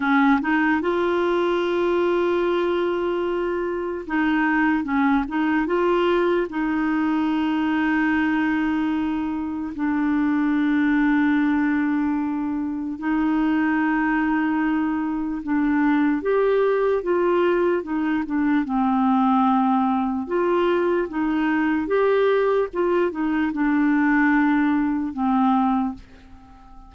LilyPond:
\new Staff \with { instrumentName = "clarinet" } { \time 4/4 \tempo 4 = 74 cis'8 dis'8 f'2.~ | f'4 dis'4 cis'8 dis'8 f'4 | dis'1 | d'1 |
dis'2. d'4 | g'4 f'4 dis'8 d'8 c'4~ | c'4 f'4 dis'4 g'4 | f'8 dis'8 d'2 c'4 | }